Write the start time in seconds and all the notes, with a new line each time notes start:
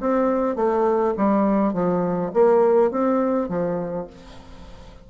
0.00 C4
0.56 A3
1.17 G3
1.73 F3
2.34 A#3
2.91 C4
3.49 F3